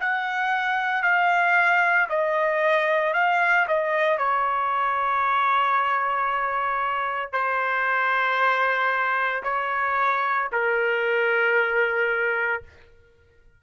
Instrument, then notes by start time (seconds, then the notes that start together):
trumpet
0.00 F#5
1.03 F5
2.09 D#5
3.13 F5
3.67 D#5
4.18 C#5
7.32 C5
9.43 C#5
10.52 A#4